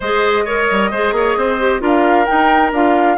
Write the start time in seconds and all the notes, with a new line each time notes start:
0.00 G#3 G#4 C5 D#5
0.44 A#4 C#5
0.70 G3
0.90 G#3 G#4 C5
1.12 A#3 C#5
1.36 C4 C5
1.59 G4
1.79 D4 F4 A#4 F5
2.25 D#4 G5
2.72 D4 F4 F5